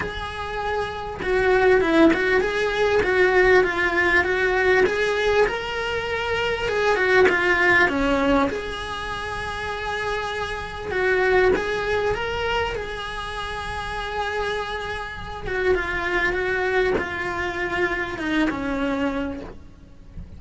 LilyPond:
\new Staff \with { instrumentName = "cello" } { \time 4/4 \tempo 4 = 99 gis'2 fis'4 e'8 fis'8 | gis'4 fis'4 f'4 fis'4 | gis'4 ais'2 gis'8 fis'8 | f'4 cis'4 gis'2~ |
gis'2 fis'4 gis'4 | ais'4 gis'2.~ | gis'4. fis'8 f'4 fis'4 | f'2 dis'8 cis'4. | }